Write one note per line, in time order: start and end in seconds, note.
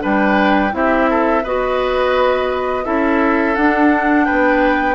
0.00 0.73 G3
0.00 0.71 D4
0.00 0.72 B4
0.00 0.75 G5
0.72 1.44 C4
0.72 1.43 E4
0.72 1.10 G4
0.72 1.45 E5
1.10 1.43 A4
1.43 2.86 B3
1.43 2.84 F#4
1.43 2.84 B4
1.43 2.85 D#5
2.84 3.57 C#4
2.84 3.55 E4
2.84 4.26 A4
2.84 3.55 E5
3.55 4.27 D4
3.55 4.95 D4
3.55 4.25 F#5
4.25 4.95 B3
4.25 4.95 B4
4.25 4.95 G5